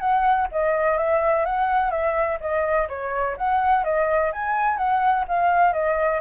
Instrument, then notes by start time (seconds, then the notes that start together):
flute
0.00 F#5
0.52 D#5
0.98 E5
1.46 F#5
1.91 E5
2.41 D#5
2.89 C#5
3.37 F#5
3.84 D#5
4.32 G#5
4.77 F#5
5.28 F5
5.73 D#5